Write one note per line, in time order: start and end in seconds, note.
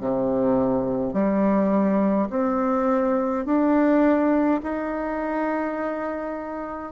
0.00 1.13 C3
1.13 2.29 G3
2.30 3.46 C4
3.46 4.61 D4
4.63 6.92 D#4